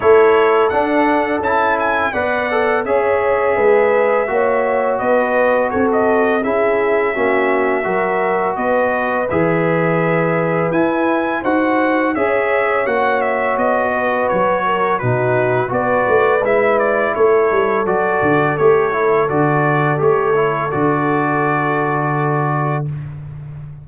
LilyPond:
<<
  \new Staff \with { instrumentName = "trumpet" } { \time 4/4 \tempo 4 = 84 cis''4 fis''4 a''8 gis''8 fis''4 | e''2. dis''4 | cis''16 dis''8. e''2. | dis''4 e''2 gis''4 |
fis''4 e''4 fis''8 e''8 dis''4 | cis''4 b'4 d''4 e''8 d''8 | cis''4 d''4 cis''4 d''4 | cis''4 d''2. | }
  \new Staff \with { instrumentName = "horn" } { \time 4/4 a'2. d''4 | cis''4 b'4 cis''4 b'4 | a'4 gis'4 fis'4 ais'4 | b'1 |
c''4 cis''2~ cis''8 b'8~ | b'8 ais'8 fis'4 b'2 | a'1~ | a'1 | }
  \new Staff \with { instrumentName = "trombone" } { \time 4/4 e'4 d'4 e'4 b'8 a'8 | gis'2 fis'2~ | fis'4 e'4 cis'4 fis'4~ | fis'4 gis'2 e'4 |
fis'4 gis'4 fis'2~ | fis'4 dis'4 fis'4 e'4~ | e'4 fis'4 g'8 e'8 fis'4 | g'8 e'8 fis'2. | }
  \new Staff \with { instrumentName = "tuba" } { \time 4/4 a4 d'4 cis'4 b4 | cis'4 gis4 ais4 b4 | c'4 cis'4 ais4 fis4 | b4 e2 e'4 |
dis'4 cis'4 ais4 b4 | fis4 b,4 b8 a8 gis4 | a8 g8 fis8 d8 a4 d4 | a4 d2. | }
>>